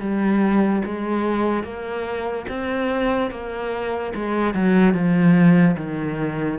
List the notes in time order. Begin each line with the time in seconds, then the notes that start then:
0.00 G3
0.85 G#3
1.64 A#3
2.48 C4
3.31 A#3
4.15 G#3
4.54 F#3
4.94 F3
5.77 D#3